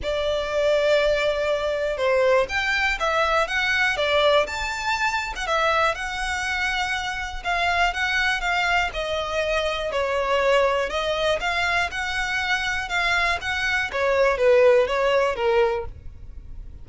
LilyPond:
\new Staff \with { instrumentName = "violin" } { \time 4/4 \tempo 4 = 121 d''1 | c''4 g''4 e''4 fis''4 | d''4 a''4.~ a''16 fis''16 e''4 | fis''2. f''4 |
fis''4 f''4 dis''2 | cis''2 dis''4 f''4 | fis''2 f''4 fis''4 | cis''4 b'4 cis''4 ais'4 | }